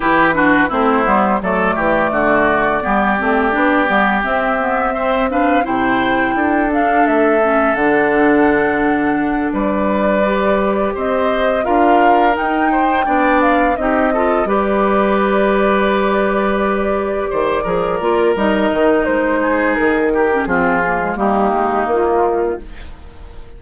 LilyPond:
<<
  \new Staff \with { instrumentName = "flute" } { \time 4/4 \tempo 4 = 85 b'4 c''4 d''2~ | d''2 e''4. f''8 | g''4. f''8 e''4 fis''4~ | fis''4. d''2 dis''8~ |
dis''8 f''4 g''4. f''8 dis''8~ | dis''8 d''2.~ d''8~ | d''2 dis''4 c''4 | ais'4 gis'4 g'4 f'4 | }
  \new Staff \with { instrumentName = "oboe" } { \time 4/4 g'8 fis'8 e'4 a'8 g'8 fis'4 | g'2. c''8 b'8 | c''4 a'2.~ | a'4. b'2 c''8~ |
c''8 ais'4. c''8 d''4 g'8 | a'8 b'2.~ b'8~ | b'8 c''8 ais'2~ ais'8 gis'8~ | gis'8 g'8 f'4 dis'2 | }
  \new Staff \with { instrumentName = "clarinet" } { \time 4/4 e'8 d'8 c'8 b8 a2 | b8 c'8 d'8 b8 c'8 b8 c'8 d'8 | e'4. d'4 cis'8 d'4~ | d'2~ d'8 g'4.~ |
g'8 f'4 dis'4 d'4 dis'8 | f'8 g'2.~ g'8~ | g'4 gis'8 f'8 dis'2~ | dis'8. cis'16 c'8 ais16 gis16 ais2 | }
  \new Staff \with { instrumentName = "bassoon" } { \time 4/4 e4 a8 g8 fis8 e8 d4 | g8 a8 b8 g8 c'2 | c4 d'4 a4 d4~ | d4. g2 c'8~ |
c'8 d'4 dis'4 b4 c'8~ | c'8 g2.~ g8~ | g8 dis8 f8 ais8 g8 dis8 gis4 | dis4 f4 g8 gis8 ais4 | }
>>